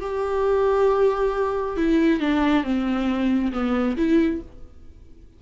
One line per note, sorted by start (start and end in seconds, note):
0.00 1.76 G4
1.76 2.20 E4
2.20 2.63 D4
2.63 3.52 C4
3.52 3.96 B3
3.97 4.41 E4